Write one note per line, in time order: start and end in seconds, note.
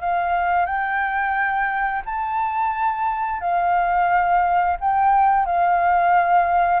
0.00 0.65 F5
0.65 2.02 G5
2.05 3.40 A5
3.40 4.77 F5
4.80 5.45 G5
5.45 6.80 F5